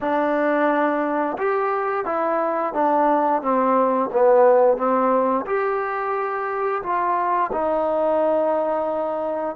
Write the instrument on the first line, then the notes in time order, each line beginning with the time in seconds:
trombone
0.01 D4
1.38 G4
2.05 E4
2.73 D4
3.42 C4
4.12 B3
4.77 C4
5.46 G4
6.82 F4
7.52 D#4